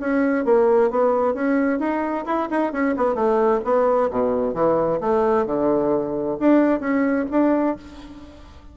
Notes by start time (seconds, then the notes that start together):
0.00 C#4
0.45 A#3
0.90 B3
1.34 C#4
1.79 D#4
2.26 E4
2.50 D#4
2.73 C#4
2.97 B3
3.15 A3
3.64 B3
4.10 B2
4.54 E3
5.00 A3
5.46 D3
6.40 D4
6.80 C#4
7.31 D4